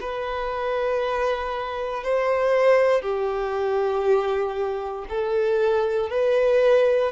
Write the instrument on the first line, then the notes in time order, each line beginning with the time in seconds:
violin
0.00 B4
2.03 C5
3.01 G4
5.08 A4
6.10 B4